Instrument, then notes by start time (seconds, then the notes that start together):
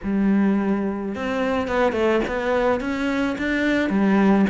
cello
0.03 G3
1.15 C4
1.67 B3
1.92 A3
2.27 B3
2.80 C#4
3.37 D4
3.89 G3